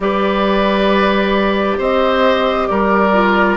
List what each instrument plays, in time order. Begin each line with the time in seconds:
0.00 bassoon G3, clarinet G4, oboe B4, flute D5
1.78 bassoon C4, oboe C5, flute D#5
2.67 bassoon G3, oboe A#4, flute D5
3.13 clarinet F4